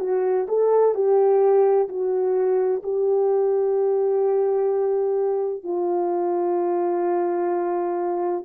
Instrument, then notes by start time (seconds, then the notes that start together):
horn
0.00 F#4
0.49 A4
0.95 G4
1.89 F#4
2.83 G4
5.64 F4